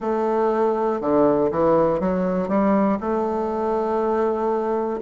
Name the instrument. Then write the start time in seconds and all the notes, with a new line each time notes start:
bassoon
0.00 A3
1.00 D3
1.51 E3
2.00 F#3
2.48 G3
3.00 A3